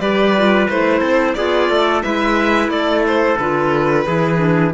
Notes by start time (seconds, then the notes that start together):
0.00 G3 G4 B4 D5
0.38 F4
0.70 A3 E4 C5
1.00 C4 A4
1.35 B3 F4 G#4 D5
1.70 A3 A4
2.03 G#3 E4 B4 E5
2.69 A3 A4 D5
3.07 C5
3.38 D3 F4 B4
4.07 E3 E4 G#4
4.38 D4